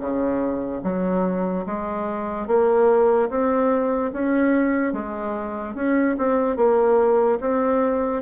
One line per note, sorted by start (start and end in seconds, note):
0.00 0.82 C#3
0.83 1.65 F#3
1.66 2.47 G#3
2.47 3.29 A#3
3.30 4.12 C4
4.13 4.93 C#4
4.93 5.75 G#3
5.75 6.16 C#4
6.18 6.56 C4
6.56 7.39 A#3
7.40 8.22 C4